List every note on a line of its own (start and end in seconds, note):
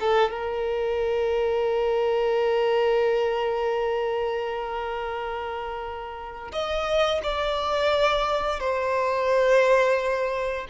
0.00 0.31 A4
0.31 6.51 A#4
6.52 7.21 D#5
7.23 8.60 D5
8.60 10.66 C5